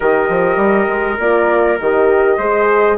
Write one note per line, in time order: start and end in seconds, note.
0.00 0.29 D#3
0.00 1.19 G4
0.00 2.37 A#4
0.00 1.17 D#5
0.29 0.56 F3
0.56 0.86 G3
0.88 1.18 G#3
1.19 1.78 A#3
1.19 1.79 F4
1.19 1.79 D5
1.79 2.38 D#3
1.79 2.40 G4
1.79 2.97 D#5
2.37 2.97 G#3
2.37 2.97 G#4
2.37 2.97 C5